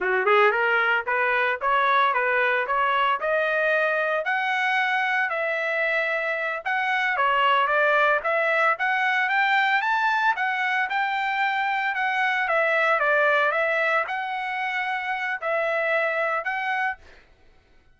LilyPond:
\new Staff \with { instrumentName = "trumpet" } { \time 4/4 \tempo 4 = 113 fis'8 gis'8 ais'4 b'4 cis''4 | b'4 cis''4 dis''2 | fis''2 e''2~ | e''8 fis''4 cis''4 d''4 e''8~ |
e''8 fis''4 g''4 a''4 fis''8~ | fis''8 g''2 fis''4 e''8~ | e''8 d''4 e''4 fis''4.~ | fis''4 e''2 fis''4 | }